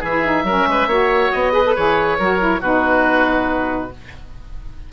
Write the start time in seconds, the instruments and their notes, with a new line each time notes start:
0.00 bassoon E3, saxophone E4, oboe G#4 E5
0.24 saxophone D#4
0.43 bassoon F#3, saxophone C#4, oboe A#4
0.67 bassoon G#3, oboe B4
0.86 bassoon A#3, saxophone F#4, oboe C#5
1.32 bassoon B3, oboe D#5
1.52 saxophone G#4, oboe B4
1.65 saxophone A4
1.75 bassoon E3, saxophone G#4, oboe C#5
2.19 bassoon F#3, saxophone F#4, oboe A#4
2.39 saxophone E4
2.61 bassoon B2, saxophone D#4, oboe F#4 B4